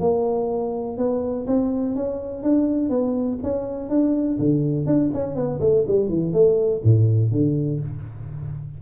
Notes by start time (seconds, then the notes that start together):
0.00 A#3
0.97 B3
1.47 C4
1.96 C#4
2.43 D4
2.90 B3
3.43 C#4
3.89 D4
4.39 D3
4.86 D4
5.14 C#4
5.35 B3
5.60 A3
5.87 G3
6.09 E3
6.33 A3
6.84 A2
7.31 D3